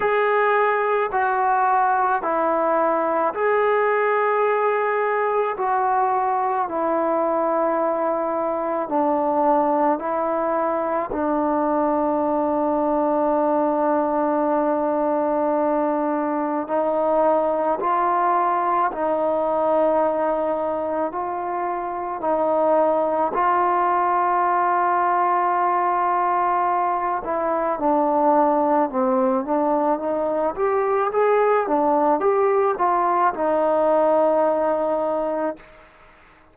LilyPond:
\new Staff \with { instrumentName = "trombone" } { \time 4/4 \tempo 4 = 54 gis'4 fis'4 e'4 gis'4~ | gis'4 fis'4 e'2 | d'4 e'4 d'2~ | d'2. dis'4 |
f'4 dis'2 f'4 | dis'4 f'2.~ | f'8 e'8 d'4 c'8 d'8 dis'8 g'8 | gis'8 d'8 g'8 f'8 dis'2 | }